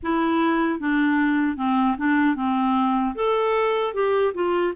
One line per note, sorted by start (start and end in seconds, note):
0.02 0.79 E4
0.79 1.56 D4
1.56 1.96 C4
1.97 2.35 D4
2.35 3.14 C4
3.15 3.94 A4
3.94 4.33 G4
4.34 4.73 F4